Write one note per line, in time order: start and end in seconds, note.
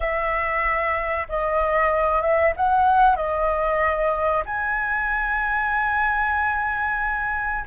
0.00 1.27 E5
1.29 2.21 D#5
2.21 2.53 E5
2.56 3.16 F#5
3.16 4.43 D#5
4.45 7.64 G#5